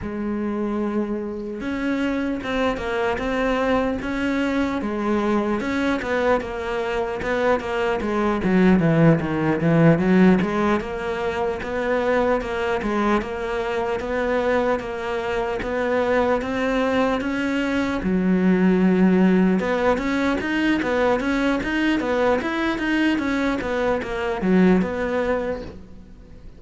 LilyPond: \new Staff \with { instrumentName = "cello" } { \time 4/4 \tempo 4 = 75 gis2 cis'4 c'8 ais8 | c'4 cis'4 gis4 cis'8 b8 | ais4 b8 ais8 gis8 fis8 e8 dis8 | e8 fis8 gis8 ais4 b4 ais8 |
gis8 ais4 b4 ais4 b8~ | b8 c'4 cis'4 fis4.~ | fis8 b8 cis'8 dis'8 b8 cis'8 dis'8 b8 | e'8 dis'8 cis'8 b8 ais8 fis8 b4 | }